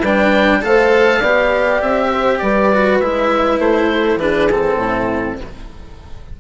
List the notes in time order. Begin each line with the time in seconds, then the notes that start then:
0.00 G3 D4 B4 G5
0.62 A3 A4 C5 F5
1.20 B3 G4 D5
1.82 C4 E5
2.12 C5
2.39 G3 B4 D5
2.73 F#4
3.00 G#3 E4 E5
3.59 A3 C5
3.91 A4
4.16 E3 D4 G#4 B4
4.51 C4 A4
4.76 A2 E4